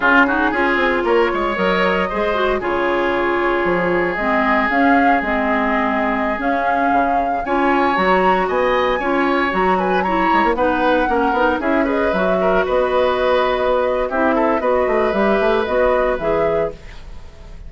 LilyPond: <<
  \new Staff \with { instrumentName = "flute" } { \time 4/4 \tempo 4 = 115 gis'2 cis''4 dis''4~ | dis''4 cis''2. | dis''4 f''4 dis''2~ | dis''16 f''2 gis''4 ais''8.~ |
ais''16 gis''2 ais''8 gis''8 ais''8.~ | ais''16 fis''2 e''8 dis''8 e''8.~ | e''16 dis''2~ dis''8. e''4 | dis''4 e''4 dis''4 e''4 | }
  \new Staff \with { instrumentName = "oboe" } { \time 4/4 f'8 fis'8 gis'4 ais'8 cis''4. | c''4 gis'2.~ | gis'1~ | gis'2~ gis'16 cis''4.~ cis''16~ |
cis''16 dis''4 cis''4. b'8 cis''8.~ | cis''16 b'4 ais'4 gis'8 b'4 ais'16~ | ais'16 b'2~ b'8. g'8 a'8 | b'1 | }
  \new Staff \with { instrumentName = "clarinet" } { \time 4/4 cis'8 dis'8 f'2 ais'4 | gis'8 fis'8 f'2. | c'4 cis'4 c'2~ | c'16 cis'2 f'4 fis'8.~ |
fis'4~ fis'16 f'4 fis'4 e'8.~ | e'16 dis'4 cis'8 dis'8 e'8 gis'8 fis'8.~ | fis'2. e'4 | fis'4 g'4 fis'4 gis'4 | }
  \new Staff \with { instrumentName = "bassoon" } { \time 4/4 cis4 cis'8 c'8 ais8 gis8 fis4 | gis4 cis2 f4 | gis4 cis'4 gis2~ | gis16 cis'4 cis4 cis'4 fis8.~ |
fis16 b4 cis'4 fis4. gis16 | ais16 b4 ais8 b8 cis'4 fis8.~ | fis16 b2~ b8. c'4 | b8 a8 g8 a8 b4 e4 | }
>>